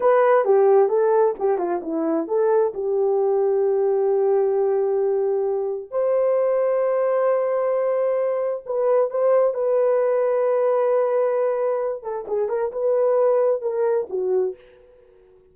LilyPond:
\new Staff \with { instrumentName = "horn" } { \time 4/4 \tempo 4 = 132 b'4 g'4 a'4 g'8 f'8 | e'4 a'4 g'2~ | g'1~ | g'4 c''2.~ |
c''2. b'4 | c''4 b'2.~ | b'2~ b'8 a'8 gis'8 ais'8 | b'2 ais'4 fis'4 | }